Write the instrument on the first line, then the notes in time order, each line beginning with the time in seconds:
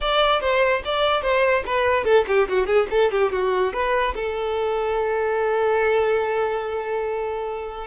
violin
0.00 D5
0.40 C5
0.84 D5
1.22 C5
1.66 B4
2.04 A4
2.27 G4
2.48 F#4
2.66 G#4
2.90 A4
3.11 G4
3.32 F#4
3.73 B4
4.15 A4